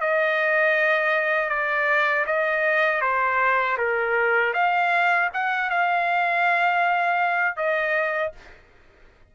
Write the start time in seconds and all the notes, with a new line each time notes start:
0.00 D#5
1.49 D5
2.26 D#5
3.01 C5
3.77 A#4
4.53 F5
5.33 F#5
5.70 F5
7.56 D#5